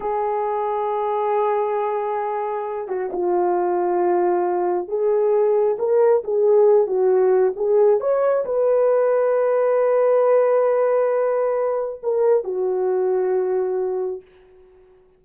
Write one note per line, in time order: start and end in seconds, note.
0.00 2.88 G#4
2.88 3.10 F#4
3.12 4.87 F4
4.87 5.76 G#4
5.78 6.23 A#4
6.23 6.86 G#4
6.86 7.53 F#4
7.56 8.00 G#4
8.00 8.44 C#5
8.45 12.00 B4
12.02 12.43 A#4
12.43 14.21 F#4